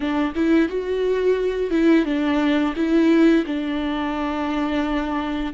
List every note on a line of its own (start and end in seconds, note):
0.00 0.33 D4
0.35 0.68 E4
0.68 1.71 F#4
1.71 2.05 E4
2.05 2.74 D4
2.76 3.45 E4
3.46 5.53 D4